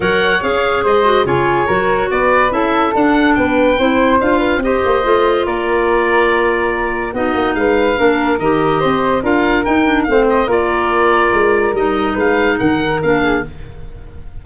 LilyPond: <<
  \new Staff \with { instrumentName = "oboe" } { \time 4/4 \tempo 4 = 143 fis''4 f''4 dis''4 cis''4~ | cis''4 d''4 e''4 fis''4 | g''2 f''4 dis''4~ | dis''4 d''2.~ |
d''4 dis''4 f''2 | dis''2 f''4 g''4 | f''8 dis''8 d''2. | dis''4 f''4 fis''4 f''4 | }
  \new Staff \with { instrumentName = "flute" } { \time 4/4 cis''2 c''4 gis'4 | ais'4 b'4 a'2 | b'4 c''4. b'8 c''4~ | c''4 ais'2.~ |
ais'4 fis'4 b'4 ais'4~ | ais'4 c''4 ais'2 | c''4 ais'2.~ | ais'4 b'4 ais'4. gis'8 | }
  \new Staff \with { instrumentName = "clarinet" } { \time 4/4 ais'4 gis'4. fis'8 f'4 | fis'2 e'4 d'4~ | d'4 e'4 f'4 g'4 | f'1~ |
f'4 dis'2 d'4 | g'2 f'4 dis'8 d'8 | c'4 f'2. | dis'2. d'4 | }
  \new Staff \with { instrumentName = "tuba" } { \time 4/4 fis4 cis'4 gis4 cis4 | fis4 b4 cis'4 d'4 | b4 c'4 d'4 c'8 ais8 | a4 ais2.~ |
ais4 b8 ais8 gis4 ais4 | dis4 c'4 d'4 dis'4 | a4 ais2 gis4 | g4 gis4 dis4 ais4 | }
>>